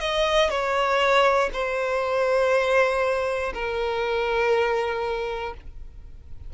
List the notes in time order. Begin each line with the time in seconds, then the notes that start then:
0.00 D#5
0.50 C#5
1.53 C5
3.54 A#4